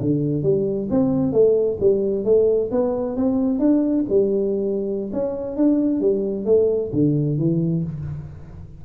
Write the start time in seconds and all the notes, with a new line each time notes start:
0.00 D3
0.43 G3
0.90 C4
1.32 A3
1.80 G3
2.24 A3
2.71 B3
3.16 C4
3.59 D4
4.09 G3
5.12 C#4
5.56 D4
6.00 G3
6.45 A3
6.92 D3
7.38 E3